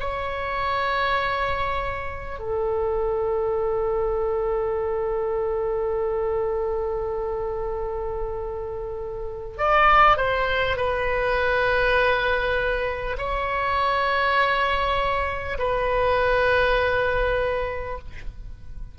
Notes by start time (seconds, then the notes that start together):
0.00 C#5
2.39 A4
9.58 D5
10.18 C5
10.77 B4
13.18 C#5
15.59 B4